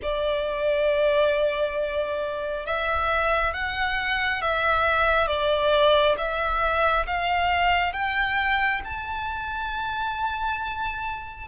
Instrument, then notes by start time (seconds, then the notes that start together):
violin
0.02 D5
2.66 E5
3.53 F#5
4.41 E5
5.27 D5
6.17 E5
7.06 F5
7.93 G5
8.84 A5